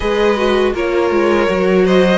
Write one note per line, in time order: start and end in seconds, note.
0.00 0.74 G#3
0.00 0.36 G#4
0.00 0.72 B4
0.00 0.73 D#5
0.37 0.74 F#4
0.74 1.10 A#3
0.74 1.48 F4
0.74 1.85 A#4
0.74 1.86 C#5
1.10 1.48 G#3
1.48 2.17 F#3
1.48 2.17 F#4
1.85 2.17 C5
1.85 2.17 D#5